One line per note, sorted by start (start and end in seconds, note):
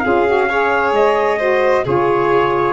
0.00 0.92 C#4
0.00 0.27 F4
0.00 0.49 G#4
0.00 0.91 F5
0.27 0.49 F#4
0.49 1.39 G#4
0.49 1.39 C#5
0.92 1.83 G#3
0.92 1.86 D#5
1.39 1.85 F#4
1.39 1.84 C5
1.84 2.73 C#3
1.84 2.73 F4
1.84 2.73 G#4
1.84 2.73 C#5